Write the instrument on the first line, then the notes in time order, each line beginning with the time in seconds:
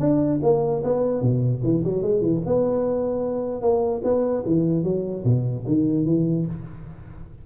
tuba
0.00 D4
0.43 A#3
0.84 B3
1.21 B2
1.64 E3
1.84 F#3
2.02 G#3
2.21 E3
2.46 B3
3.61 A#3
4.04 B3
4.46 E3
4.84 F#3
5.24 B2
5.67 D#3
6.06 E3